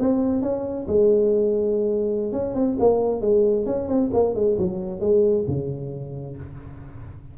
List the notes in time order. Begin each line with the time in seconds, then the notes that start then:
0.00 C4
0.42 C#4
0.88 G#3
2.32 C#4
2.55 C4
2.80 A#3
3.21 G#3
3.66 C#4
3.89 C4
4.14 A#3
4.35 G#3
4.59 F#3
5.01 G#3
5.48 C#3